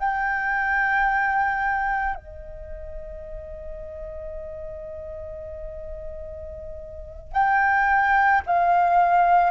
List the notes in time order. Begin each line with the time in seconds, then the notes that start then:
0.00 G5
2.16 D#5
7.33 G5
8.47 F5